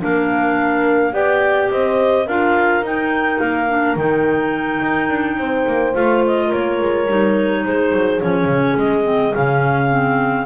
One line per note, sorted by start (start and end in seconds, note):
0.00 1.14 A#3
0.00 1.12 D4
0.00 1.14 A#4
0.00 1.14 F5
1.12 1.70 B3
1.12 2.26 G4
1.12 1.70 D5
1.12 1.70 G5
1.71 2.27 C4
1.71 2.26 C5
1.71 2.28 D#5
2.26 2.82 D4
2.26 2.83 F4
2.26 5.37 A#4
2.26 2.84 F5
2.82 3.39 D#4
2.82 3.68 D#4
2.82 3.40 G5
3.40 3.96 A#3
3.40 3.96 F5
3.68 3.97 D4
3.96 4.81 D#3
3.96 5.94 D#4
3.96 5.95 G5
4.82 5.09 D#4
5.09 5.37 D4
5.37 5.66 C4
5.37 6.47 C5
5.67 5.95 A#3
5.94 6.52 A3
5.94 7.07 F4
5.94 6.23 F5
6.27 6.53 D#5
6.47 7.60 A#4
6.53 6.80 A#3
6.53 7.66 C#5
6.80 7.08 G#3
7.08 7.64 G3
7.08 8.21 D#4
7.65 7.93 G#3
7.65 10.46 G#4
7.65 8.21 C5
7.93 8.21 F#3
8.21 8.45 F3
8.21 9.03 C#4
8.21 8.77 C#5
8.45 8.73 C#3
8.78 9.34 G#3
8.78 9.35 D#5
9.03 9.32 C4
9.35 10.46 C#3
9.35 9.90 C#4
9.35 10.46 F5
9.90 10.46 C4